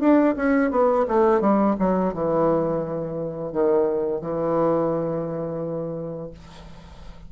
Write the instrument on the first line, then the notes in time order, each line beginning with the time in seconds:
bassoon
0.00 D4
0.36 C#4
0.71 B3
1.08 A3
1.41 G3
1.79 F#3
2.14 E3
3.52 D#3
4.21 E3